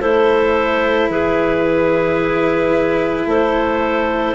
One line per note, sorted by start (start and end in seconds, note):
0.00 1.09 A3
0.00 4.35 E4
0.00 1.09 A4
0.00 1.10 C5
1.09 3.26 E3
1.09 3.28 G#4
1.09 3.29 B4
3.26 4.35 A3
3.26 4.35 A4
3.26 4.35 C5